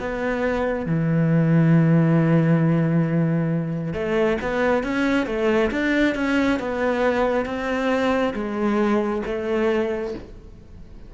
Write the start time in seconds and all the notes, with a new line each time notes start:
0.00 B3
0.86 E3
3.93 A3
4.42 B3
4.84 C#4
5.27 A3
5.71 D4
6.15 C#4
6.59 B3
7.46 C4
8.34 G#3
9.26 A3